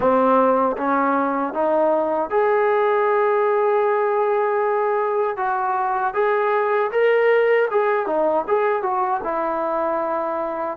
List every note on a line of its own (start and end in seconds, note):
0.00 0.76 C4
0.77 1.53 C#4
1.53 2.29 D#4
2.29 5.37 G#4
5.37 6.14 F#4
6.14 6.91 G#4
6.91 7.68 A#4
7.70 8.06 G#4
8.06 8.44 D#4
8.47 8.82 G#4
8.82 9.20 F#4
9.23 10.77 E4